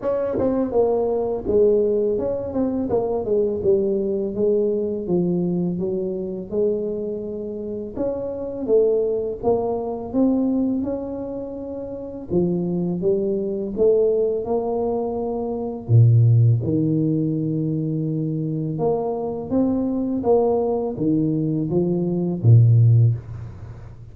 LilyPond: \new Staff \with { instrumentName = "tuba" } { \time 4/4 \tempo 4 = 83 cis'8 c'8 ais4 gis4 cis'8 c'8 | ais8 gis8 g4 gis4 f4 | fis4 gis2 cis'4 | a4 ais4 c'4 cis'4~ |
cis'4 f4 g4 a4 | ais2 ais,4 dis4~ | dis2 ais4 c'4 | ais4 dis4 f4 ais,4 | }